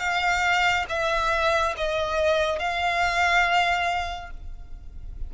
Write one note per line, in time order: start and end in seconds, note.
0.00 0.86 F5
0.89 1.75 E5
1.77 2.59 D#5
2.59 4.31 F5